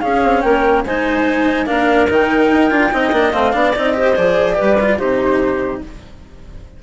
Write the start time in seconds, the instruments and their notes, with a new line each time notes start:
0.00 cello C#4, bassoon C#4, clarinet G#4, flute F5
0.24 bassoon C4
0.41 bassoon A#3, clarinet A#4, flute G5
0.85 bassoon G#3, cello D#4, clarinet C5, flute G#5
1.66 bassoon A#3, cello D4, clarinet A#4, flute F5
2.09 bassoon D#3, cello D#4, flute G5
2.52 bassoon D#4
2.70 bassoon D4, cello F4
2.92 bassoon C4, cello D#4, clarinet D#5
3.12 bassoon A#3, cello D4
3.32 bassoon A3, cello C4, flute F5
3.52 bassoon B3, cello D4, clarinet D5
3.75 bassoon C4, cello D#4, flute D#5
3.93 cello G4, clarinet C5
4.15 bassoon F3, cello G#4, flute D5
4.55 bassoon G3, cello G4, clarinet B4
4.80 cello F4
4.98 bassoon C3, cello D#4, clarinet G4, flute C5